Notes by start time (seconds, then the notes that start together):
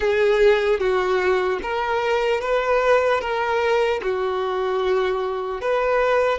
0.00 G#4
0.79 F#4
1.62 A#4
2.40 B4
3.20 A#4
4.02 F#4
5.61 B4